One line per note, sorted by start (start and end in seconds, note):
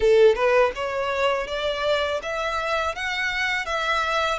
0.00 0.35 A4
0.35 0.72 B4
0.75 1.47 C#5
1.47 2.20 D5
2.22 2.95 E5
2.95 3.65 F#5
3.65 4.38 E5